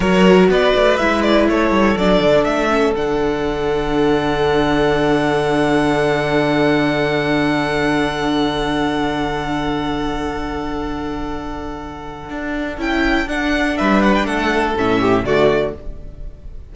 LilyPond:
<<
  \new Staff \with { instrumentName = "violin" } { \time 4/4 \tempo 4 = 122 cis''4 d''4 e''8 d''8 cis''4 | d''4 e''4 fis''2~ | fis''1~ | fis''1~ |
fis''1~ | fis''1~ | fis''2 g''4 fis''4 | e''8 fis''16 g''16 fis''4 e''4 d''4 | }
  \new Staff \with { instrumentName = "violin" } { \time 4/4 ais'4 b'2 a'4~ | a'1~ | a'1~ | a'1~ |
a'1~ | a'1~ | a'1 | b'4 a'4. g'8 fis'4 | }
  \new Staff \with { instrumentName = "viola" } { \time 4/4 fis'2 e'2 | d'4. cis'8 d'2~ | d'1~ | d'1~ |
d'1~ | d'1~ | d'2 e'4 d'4~ | d'2 cis'4 a4 | }
  \new Staff \with { instrumentName = "cello" } { \time 4/4 fis4 b8 a8 gis4 a8 g8 | fis8 d8 a4 d2~ | d1~ | d1~ |
d1~ | d1~ | d4 d'4 cis'4 d'4 | g4 a4 a,4 d4 | }
>>